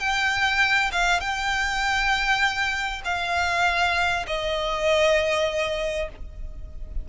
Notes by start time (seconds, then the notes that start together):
0.00 G5
0.92 F5
1.20 G5
3.05 F5
4.27 D#5